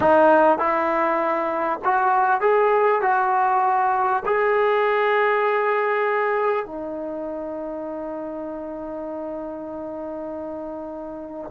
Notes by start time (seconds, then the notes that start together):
0.00 D#4
0.58 E4
1.84 F#4
2.40 G#4
3.01 F#4
4.25 G#4
6.65 D#4